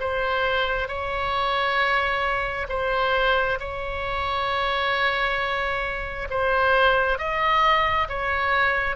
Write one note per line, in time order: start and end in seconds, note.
0.00 0.88 C5
0.88 2.67 C#5
2.69 3.58 C5
3.59 6.28 C#5
6.30 7.18 C5
7.18 8.08 D#5
8.08 8.96 C#5